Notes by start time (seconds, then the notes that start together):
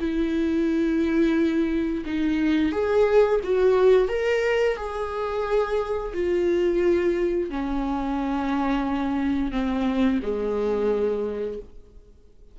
0.00 E4
2.05 D#4
2.72 G#4
3.44 F#4
4.08 A#4
4.76 G#4
6.13 F4
7.50 C#4
9.52 C4
10.22 G#3